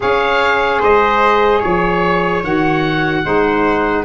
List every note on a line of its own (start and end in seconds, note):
0.00 0.81 C#4
0.00 2.42 G#4
0.00 0.79 C#5
0.00 0.82 F5
0.79 1.62 G#3
0.79 1.58 C5
0.79 1.62 D#5
1.58 2.43 F3
1.58 3.20 C#5
1.58 2.43 C#5
2.42 3.24 D#3
2.42 3.23 F#4
2.42 4.04 F#5
3.23 4.04 G#3
3.23 4.04 D#4
3.23 4.04 C5